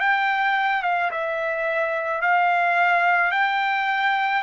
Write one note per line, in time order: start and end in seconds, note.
0.00 0.83 G5
0.83 1.11 F5
1.11 2.21 E5
2.21 3.31 F5
3.31 4.42 G5